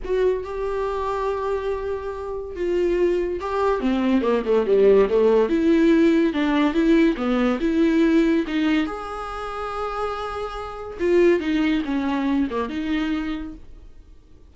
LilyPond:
\new Staff \with { instrumentName = "viola" } { \time 4/4 \tempo 4 = 142 fis'4 g'2.~ | g'2 f'2 | g'4 c'4 ais8 a8 g4 | a4 e'2 d'4 |
e'4 b4 e'2 | dis'4 gis'2.~ | gis'2 f'4 dis'4 | cis'4. ais8 dis'2 | }